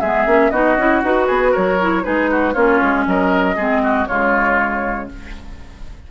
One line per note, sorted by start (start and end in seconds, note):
0.00 0.26 G#3
0.00 0.26 B3
0.00 0.51 G#4
0.00 0.50 E5
0.26 0.51 A#3
0.26 0.52 C#4
0.50 0.76 B3
0.50 0.78 D#4
0.50 1.27 F#4
0.50 1.01 D#5
0.76 1.02 C#4
0.76 1.03 E4
1.03 1.28 D#4
1.03 1.79 F#4
1.03 1.54 B4
1.27 1.54 B3
1.27 1.51 G#4
1.51 2.06 F#3
1.51 2.02 A#4
1.51 2.04 C#5
1.81 2.03 E4
2.03 2.55 G#3
2.03 2.53 D#4
2.03 2.30 G#4
2.03 2.53 B4
2.30 2.53 F#4
2.53 2.80 A#3
2.53 3.57 C#4
2.53 3.04 F4
2.53 3.04 C#5
2.81 3.06 G#3
3.06 3.56 F#3
3.06 3.56 A#4
3.06 4.06 D#5
3.56 4.07 G#3
3.56 4.07 C4
3.56 3.81 G#4
3.83 4.08 F#4
4.06 5.10 C#3
4.06 5.09 G#3
4.06 5.09 F4
4.06 5.08 C#5